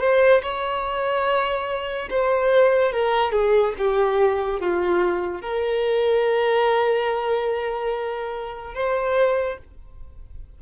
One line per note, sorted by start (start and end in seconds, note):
0.00 0.42 C5
0.42 2.09 C#5
2.10 2.92 C5
2.92 3.32 A#4
3.32 3.73 G#4
3.78 4.60 G4
4.60 5.41 F4
5.41 8.74 A#4
8.75 9.58 C5